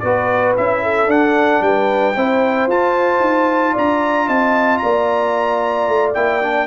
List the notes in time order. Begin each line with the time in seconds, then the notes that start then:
0.00 B3 F#4 B4 D5
0.57 C#4 E4 E5
0.83 A4
1.07 D4 F#5
1.61 G3 B4 G5
2.16 C4 E4 C5
2.67 F4 A5
3.20 D#4
3.73 D4 D5 A#5
4.27 C4 D#5 A5
4.78 A#3 D5 A#5
5.88 A3
6.14 A#3 E4 G5
6.42 D4